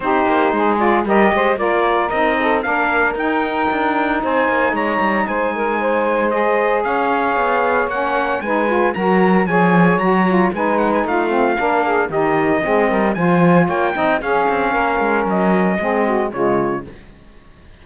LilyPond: <<
  \new Staff \with { instrumentName = "trumpet" } { \time 4/4 \tempo 4 = 114 c''4. d''8 dis''4 d''4 | dis''4 f''4 g''2 | gis''4 ais''4 gis''2 | dis''4 f''2 fis''4 |
gis''4 ais''4 gis''4 ais''4 | gis''8 fis''16 gis''16 f''2 dis''4~ | dis''4 gis''4 g''4 f''4~ | f''4 dis''2 cis''4 | }
  \new Staff \with { instrumentName = "saxophone" } { \time 4/4 g'4 gis'4 ais'8 c''8 ais'4~ | ais'8 a'8 ais'2. | c''4 cis''4 c''8 ais'8 c''4~ | c''4 cis''2. |
b'4 ais'4 cis''2 | b'4 f'4 ais'8 gis'8 g'4 | gis'8 ais'8 c''4 cis''8 dis''8 gis'4 | ais'2 gis'8 fis'8 f'4 | }
  \new Staff \with { instrumentName = "saxophone" } { \time 4/4 dis'4. f'8 g'4 f'4 | dis'4 d'4 dis'2~ | dis'1 | gis'2. cis'4 |
dis'8 f'8 fis'4 gis'4 fis'8 f'8 | dis'4. c'8 d'4 dis'4 | c'4 f'4. dis'8 cis'4~ | cis'2 c'4 gis4 | }
  \new Staff \with { instrumentName = "cello" } { \time 4/4 c'8 ais8 gis4 g8 gis8 ais4 | c'4 ais4 dis'4 d'4 | c'8 ais8 gis8 g8 gis2~ | gis4 cis'4 b4 ais4 |
gis4 fis4 f4 fis4 | gis4 a4 ais4 dis4 | gis8 g8 f4 ais8 c'8 cis'8 c'8 | ais8 gis8 fis4 gis4 cis4 | }
>>